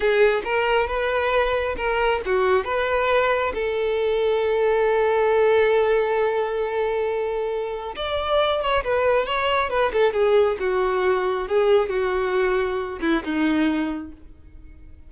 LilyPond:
\new Staff \with { instrumentName = "violin" } { \time 4/4 \tempo 4 = 136 gis'4 ais'4 b'2 | ais'4 fis'4 b'2 | a'1~ | a'1~ |
a'2 d''4. cis''8 | b'4 cis''4 b'8 a'8 gis'4 | fis'2 gis'4 fis'4~ | fis'4. e'8 dis'2 | }